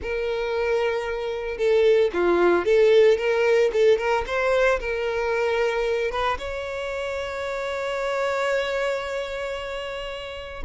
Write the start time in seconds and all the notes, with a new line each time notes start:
0.02 A#4
1.57 A4
2.13 F4
2.65 A4
3.17 A#4
3.72 A4
3.98 A#4
4.26 C5
4.79 A#4
6.11 B4
6.38 C#5